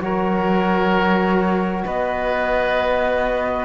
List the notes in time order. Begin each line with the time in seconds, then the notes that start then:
0.00 F#3 F#4 A#4 C#5
1.83 B3 B4 D#5